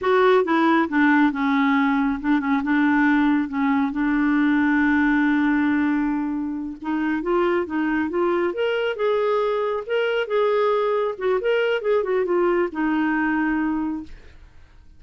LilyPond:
\new Staff \with { instrumentName = "clarinet" } { \time 4/4 \tempo 4 = 137 fis'4 e'4 d'4 cis'4~ | cis'4 d'8 cis'8 d'2 | cis'4 d'2.~ | d'2.~ d'8 dis'8~ |
dis'8 f'4 dis'4 f'4 ais'8~ | ais'8 gis'2 ais'4 gis'8~ | gis'4. fis'8 ais'4 gis'8 fis'8 | f'4 dis'2. | }